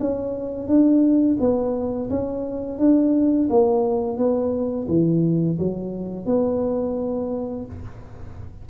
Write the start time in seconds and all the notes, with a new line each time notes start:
0.00 C#4
0.68 D4
1.40 B3
2.10 C#4
2.79 D4
3.50 A#3
4.18 B3
4.88 E3
5.59 F#3
6.26 B3